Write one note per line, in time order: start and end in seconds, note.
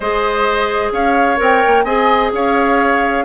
0.00 0.91 G#3
0.00 1.37 G#4
0.00 0.92 C5
0.00 0.92 D#5
0.91 1.38 C#4
0.91 1.84 C#5
0.91 1.39 F5
1.37 1.63 C4
1.37 1.83 A#4
1.37 1.84 G5
1.66 1.84 A#3
1.84 2.31 C4
1.84 3.24 G#4
1.84 2.31 D#5
1.84 2.30 G#5
2.32 3.24 C#4
2.32 3.24 C#5
2.32 3.24 F5